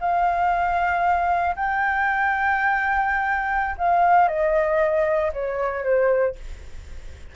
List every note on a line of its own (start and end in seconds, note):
0.00 1.55 F5
1.56 3.76 G5
3.78 4.28 F5
4.28 5.32 D#5
5.33 5.84 C#5
5.84 6.36 C5